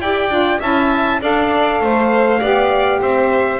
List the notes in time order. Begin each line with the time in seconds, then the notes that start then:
0.00 E4 G4 D5 G5
0.29 D4 F4
0.60 C#4 E4 E5 A5
1.21 D4 A4 D5 F5
1.81 A3 C5
2.40 B3 G4 D5
3.01 C4 C5 E5